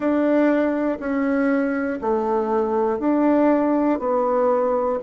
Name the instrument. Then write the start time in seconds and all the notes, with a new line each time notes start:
bassoon
0.00 D4
0.99 C#4
2.00 A3
2.99 D4
3.99 B3